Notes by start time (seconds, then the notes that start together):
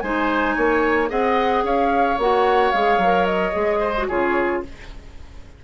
0.00 G#3 D#4 C5 G#5
0.56 A#3 C#5
1.08 C4 G#4 D#5 F#5
1.64 C#4 C#5 F5
2.18 A#3 F#4 F#5
2.72 G#3 G#4 F5
2.98 F#3 A#4
3.26 D#5
3.53 G#3 G#4
3.80 C5
3.97 F#4
4.08 C#3 F4 G#4 C#5